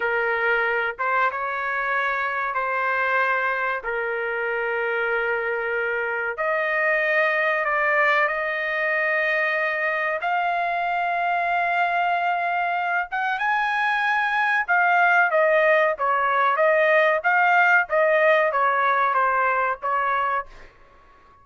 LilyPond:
\new Staff \with { instrumentName = "trumpet" } { \time 4/4 \tempo 4 = 94 ais'4. c''8 cis''2 | c''2 ais'2~ | ais'2 dis''2 | d''4 dis''2. |
f''1~ | f''8 fis''8 gis''2 f''4 | dis''4 cis''4 dis''4 f''4 | dis''4 cis''4 c''4 cis''4 | }